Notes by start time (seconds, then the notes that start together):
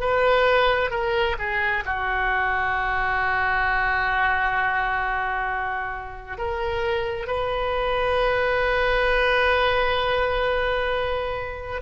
0.00 B4
0.90 A#4
1.38 G#4
1.85 F#4
6.38 A#4
7.27 B4